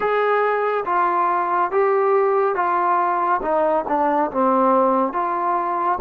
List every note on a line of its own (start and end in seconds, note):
0.00 0.84 G#4
0.85 1.71 F4
1.71 2.55 G4
2.55 3.41 F4
3.41 3.84 D#4
3.88 4.31 D4
4.31 5.12 C4
5.12 5.98 F4